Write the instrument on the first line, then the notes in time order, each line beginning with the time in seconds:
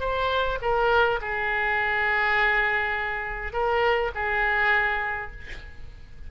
oboe
0.00 C5
0.61 A#4
1.21 G#4
3.53 A#4
4.15 G#4